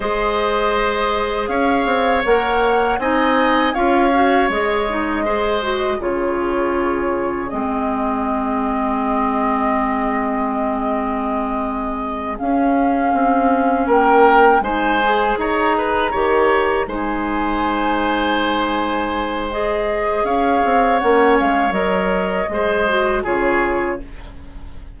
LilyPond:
<<
  \new Staff \with { instrumentName = "flute" } { \time 4/4 \tempo 4 = 80 dis''2 f''4 fis''4 | gis''4 f''4 dis''2 | cis''2 dis''2~ | dis''1~ |
dis''8 f''2 g''4 gis''8~ | gis''8 ais''2 gis''4.~ | gis''2 dis''4 f''4 | fis''8 f''8 dis''2 cis''4 | }
  \new Staff \with { instrumentName = "oboe" } { \time 4/4 c''2 cis''2 | dis''4 cis''2 c''4 | gis'1~ | gis'1~ |
gis'2~ gis'8 ais'4 c''8~ | c''8 cis''8 b'8 cis''4 c''4.~ | c''2. cis''4~ | cis''2 c''4 gis'4 | }
  \new Staff \with { instrumentName = "clarinet" } { \time 4/4 gis'2. ais'4 | dis'4 f'8 fis'8 gis'8 dis'8 gis'8 fis'8 | f'2 c'2~ | c'1~ |
c'8 cis'2. dis'8 | gis'4. g'4 dis'4.~ | dis'2 gis'2 | cis'4 ais'4 gis'8 fis'8 f'4 | }
  \new Staff \with { instrumentName = "bassoon" } { \time 4/4 gis2 cis'8 c'8 ais4 | c'4 cis'4 gis2 | cis2 gis2~ | gis1~ |
gis8 cis'4 c'4 ais4 gis8~ | gis8 dis'4 dis4 gis4.~ | gis2. cis'8 c'8 | ais8 gis8 fis4 gis4 cis4 | }
>>